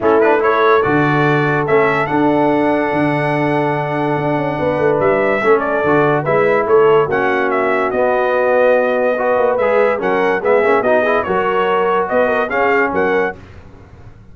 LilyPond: <<
  \new Staff \with { instrumentName = "trumpet" } { \time 4/4 \tempo 4 = 144 a'8 b'8 cis''4 d''2 | e''4 fis''2.~ | fis''1 | e''4. d''4. e''4 |
cis''4 fis''4 e''4 dis''4~ | dis''2. e''4 | fis''4 e''4 dis''4 cis''4~ | cis''4 dis''4 f''4 fis''4 | }
  \new Staff \with { instrumentName = "horn" } { \time 4/4 e'4 a'2.~ | a'1~ | a'2. b'4~ | b'4 a'2 b'4 |
a'4 fis'2.~ | fis'2 b'2 | ais'4 gis'4 fis'8 gis'8 ais'4~ | ais'4 b'8 ais'8 gis'4 ais'4 | }
  \new Staff \with { instrumentName = "trombone" } { \time 4/4 cis'8 d'8 e'4 fis'2 | cis'4 d'2.~ | d'1~ | d'4 cis'4 fis'4 e'4~ |
e'4 cis'2 b4~ | b2 fis'4 gis'4 | cis'4 b8 cis'8 dis'8 e'8 fis'4~ | fis'2 cis'2 | }
  \new Staff \with { instrumentName = "tuba" } { \time 4/4 a2 d2 | a4 d'2 d4~ | d2 d'8 cis'8 b8 a8 | g4 a4 d4 gis4 |
a4 ais2 b4~ | b2~ b8 ais8 gis4 | fis4 gis8 ais8 b4 fis4~ | fis4 b4 cis'4 fis4 | }
>>